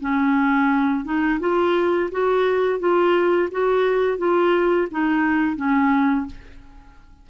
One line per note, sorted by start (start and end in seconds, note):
0.00 1.04 C#4
1.04 1.39 D#4
1.40 2.09 F4
2.11 2.79 F#4
2.79 3.49 F4
3.51 4.18 F#4
4.18 4.87 F4
4.91 5.56 D#4
5.56 6.26 C#4